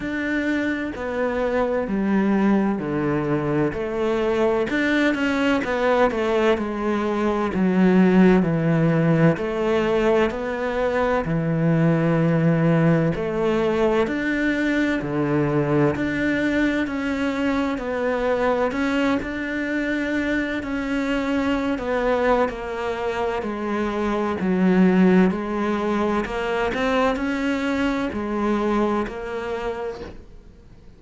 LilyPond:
\new Staff \with { instrumentName = "cello" } { \time 4/4 \tempo 4 = 64 d'4 b4 g4 d4 | a4 d'8 cis'8 b8 a8 gis4 | fis4 e4 a4 b4 | e2 a4 d'4 |
d4 d'4 cis'4 b4 | cis'8 d'4. cis'4~ cis'16 b8. | ais4 gis4 fis4 gis4 | ais8 c'8 cis'4 gis4 ais4 | }